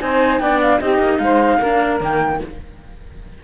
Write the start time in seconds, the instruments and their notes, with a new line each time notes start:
0.00 cello C4 D#4, saxophone C5, flute G#5
0.39 cello B3 D4, saxophone D5, flute G5
0.61 flute F5
0.80 cello C4 D#4, saxophone G4, flute D#5
0.98 cello A#3
1.18 cello G#3, saxophone C5, flute F5
1.59 cello A#3 D4, saxophone A#4
2.00 cello D#3 A#3, flute G5